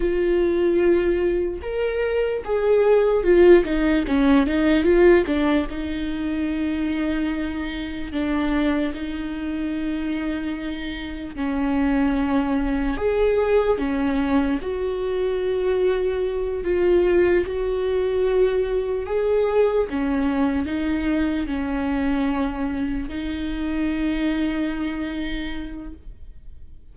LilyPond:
\new Staff \with { instrumentName = "viola" } { \time 4/4 \tempo 4 = 74 f'2 ais'4 gis'4 | f'8 dis'8 cis'8 dis'8 f'8 d'8 dis'4~ | dis'2 d'4 dis'4~ | dis'2 cis'2 |
gis'4 cis'4 fis'2~ | fis'8 f'4 fis'2 gis'8~ | gis'8 cis'4 dis'4 cis'4.~ | cis'8 dis'2.~ dis'8 | }